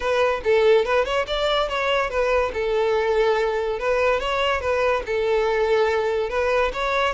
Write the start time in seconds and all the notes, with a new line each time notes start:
0.00 B4
0.44 A4
0.85 B4
1.05 C#5
1.27 D5
1.68 C#5
2.09 B4
2.53 A4
3.79 B4
4.20 C#5
4.61 B4
5.06 A4
6.29 B4
6.73 C#5